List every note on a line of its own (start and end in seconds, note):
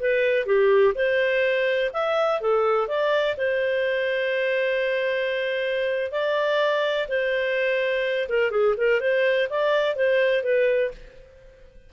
0.00 0.46 B4
0.46 0.94 G4
0.96 1.92 C5
1.94 2.41 E5
2.41 2.88 A4
2.88 3.36 D5
3.38 6.12 C5
6.12 7.08 D5
7.09 8.29 C5
8.29 8.51 A#4
8.51 8.75 G#4
8.78 9.01 A#4
9.01 9.49 C5
9.50 9.96 D5
9.96 10.44 C5
10.44 10.92 B4